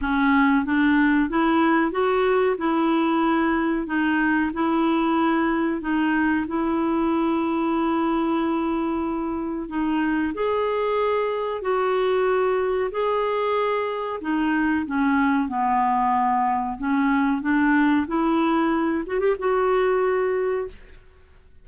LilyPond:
\new Staff \with { instrumentName = "clarinet" } { \time 4/4 \tempo 4 = 93 cis'4 d'4 e'4 fis'4 | e'2 dis'4 e'4~ | e'4 dis'4 e'2~ | e'2. dis'4 |
gis'2 fis'2 | gis'2 dis'4 cis'4 | b2 cis'4 d'4 | e'4. fis'16 g'16 fis'2 | }